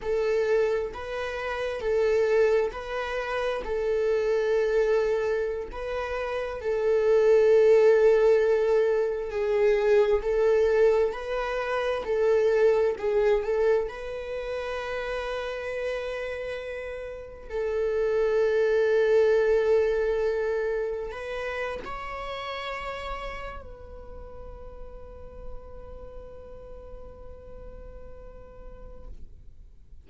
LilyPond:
\new Staff \with { instrumentName = "viola" } { \time 4/4 \tempo 4 = 66 a'4 b'4 a'4 b'4 | a'2~ a'16 b'4 a'8.~ | a'2~ a'16 gis'4 a'8.~ | a'16 b'4 a'4 gis'8 a'8 b'8.~ |
b'2.~ b'16 a'8.~ | a'2.~ a'16 b'8. | cis''2 b'2~ | b'1 | }